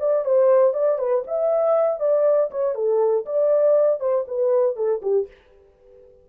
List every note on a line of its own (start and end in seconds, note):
0.00 0.25 D5
0.25 0.74 C5
0.74 0.99 D5
0.99 1.24 B4
1.27 2.00 E5
2.00 2.50 D5
2.51 2.75 C#5
2.75 3.25 A4
3.26 4.00 D5
4.00 4.25 C5
4.28 4.76 B4
4.76 5.01 A4
5.02 5.27 G4